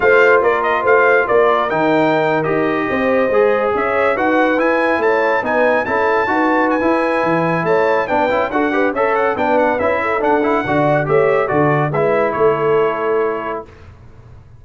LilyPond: <<
  \new Staff \with { instrumentName = "trumpet" } { \time 4/4 \tempo 4 = 141 f''4 d''8 dis''8 f''4 d''4 | g''4.~ g''16 dis''2~ dis''16~ | dis''8. e''4 fis''4 gis''4 a''16~ | a''8. gis''4 a''2 gis''16~ |
gis''2 a''4 g''4 | fis''4 e''8 fis''8 g''8 fis''8 e''4 | fis''2 e''4 d''4 | e''4 cis''2. | }
  \new Staff \with { instrumentName = "horn" } { \time 4/4 c''4 ais'4 c''4 ais'4~ | ais'2~ ais'8. c''4~ c''16~ | c''8. cis''4 b'2 cis''16~ | cis''8. b'4 a'4 b'4~ b'16~ |
b'2 cis''4 b'4 | a'8 b'8 cis''4 b'4. a'8~ | a'4 d''4 cis''4 a'4 | b'4 a'2. | }
  \new Staff \with { instrumentName = "trombone" } { \time 4/4 f'1 | dis'4.~ dis'16 g'2 gis'16~ | gis'4.~ gis'16 fis'4 e'4~ e'16~ | e'8. dis'4 e'4 fis'4~ fis'16 |
e'2. d'8 e'8 | fis'8 g'8 a'4 d'4 e'4 | d'8 e'8 fis'4 g'4 fis'4 | e'1 | }
  \new Staff \with { instrumentName = "tuba" } { \time 4/4 a4 ais4 a4 ais4 | dis4.~ dis16 dis'4 c'4 gis16~ | gis8. cis'4 dis'4 e'4 a16~ | a8. b4 cis'4 dis'4~ dis'16 |
e'4 e4 a4 b8 cis'8 | d'4 cis'4 b4 cis'4 | d'4 d4 a4 d4 | gis4 a2. | }
>>